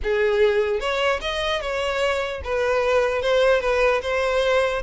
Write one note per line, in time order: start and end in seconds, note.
0.03 0.80 G#4
0.80 1.20 C#5
1.21 1.61 D#5
1.61 2.41 C#5
2.43 3.21 B4
3.21 3.61 C5
3.61 4.01 B4
4.01 4.82 C5